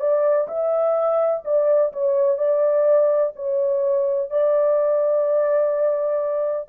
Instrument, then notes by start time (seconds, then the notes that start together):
horn
0.00 D5
0.48 E5
1.45 D5
1.93 C#5
2.38 D5
3.36 C#5
4.30 D5